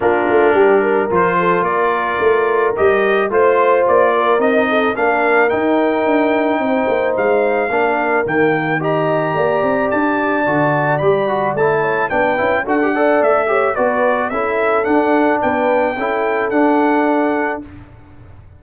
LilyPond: <<
  \new Staff \with { instrumentName = "trumpet" } { \time 4/4 \tempo 4 = 109 ais'2 c''4 d''4~ | d''4 dis''4 c''4 d''4 | dis''4 f''4 g''2~ | g''4 f''2 g''4 |
ais''2 a''2 | b''4 a''4 g''4 fis''4 | e''4 d''4 e''4 fis''4 | g''2 fis''2 | }
  \new Staff \with { instrumentName = "horn" } { \time 4/4 f'4 g'8 ais'4 a'8 ais'4~ | ais'2 c''4. ais'8~ | ais'8 a'8 ais'2. | c''2 ais'2 |
dis''4 d''2.~ | d''4. cis''8 b'4 a'8 d''8~ | d''8 cis''8 b'4 a'2 | b'4 a'2. | }
  \new Staff \with { instrumentName = "trombone" } { \time 4/4 d'2 f'2~ | f'4 g'4 f'2 | dis'4 d'4 dis'2~ | dis'2 d'4 ais4 |
g'2. fis'4 | g'8 fis'8 e'4 d'8 e'8 fis'16 g'16 a'8~ | a'8 g'8 fis'4 e'4 d'4~ | d'4 e'4 d'2 | }
  \new Staff \with { instrumentName = "tuba" } { \time 4/4 ais8 a8 g4 f4 ais4 | a4 g4 a4 ais4 | c'4 ais4 dis'4 d'4 | c'8 ais8 gis4 ais4 dis4~ |
dis4 ais8 c'8 d'4 d4 | g4 a4 b8 cis'8 d'4 | a4 b4 cis'4 d'4 | b4 cis'4 d'2 | }
>>